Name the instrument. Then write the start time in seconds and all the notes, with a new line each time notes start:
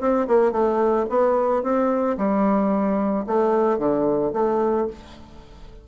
bassoon
0.00 C4
0.28 A#3
0.52 A3
1.09 B3
1.63 C4
2.17 G3
3.26 A3
3.78 D3
4.33 A3